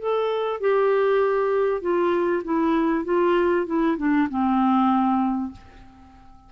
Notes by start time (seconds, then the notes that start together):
0.00 A4
0.61 G4
1.82 F4
2.45 E4
3.05 F4
3.67 E4
3.98 D4
4.30 C4